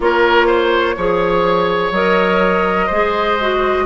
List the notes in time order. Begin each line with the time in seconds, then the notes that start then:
0.00 A#3 F4 A#4 C#5
0.47 C5
0.97 F3 G#4 C#5
1.91 F#3 A#4 D#5
2.86 G#3 G#4 C5
3.40 F#4